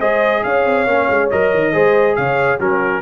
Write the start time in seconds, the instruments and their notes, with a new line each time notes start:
0.00 tuba G#3, trombone G#4, horn C5, trumpet D#5
0.44 tuba C#4, horn C#5, trumpet F5
0.65 tuba C4
0.87 tuba A#3, trombone C#4
1.09 tuba G#3
1.31 tuba F#3, trombone A#4, trumpet D#5
1.54 tuba D#3
1.73 tuba G#3, trombone G#4, horn C5
2.16 tuba C#3, horn C#5, trumpet F5
2.59 tuba F#3, trombone C#4, horn F#4, trumpet A#4